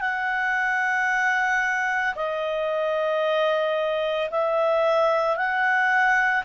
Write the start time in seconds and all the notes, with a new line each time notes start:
0.00 F#5
2.15 D#5
4.30 E5
5.36 F#5